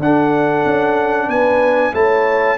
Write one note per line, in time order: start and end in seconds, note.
0.00 0.65 D4
0.00 1.93 D4
0.00 1.27 A4
0.00 1.30 F#5
0.65 1.28 C#4
1.27 1.93 B3
1.27 1.92 B4
1.27 1.94 G#5
1.93 2.58 A3
1.93 2.58 E4
1.93 2.58 C#5
1.93 2.58 A5